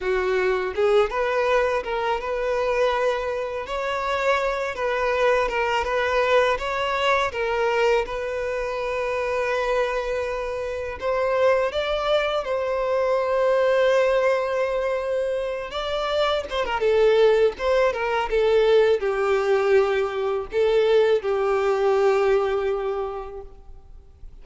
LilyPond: \new Staff \with { instrumentName = "violin" } { \time 4/4 \tempo 4 = 82 fis'4 gis'8 b'4 ais'8 b'4~ | b'4 cis''4. b'4 ais'8 | b'4 cis''4 ais'4 b'4~ | b'2. c''4 |
d''4 c''2.~ | c''4. d''4 c''16 ais'16 a'4 | c''8 ais'8 a'4 g'2 | a'4 g'2. | }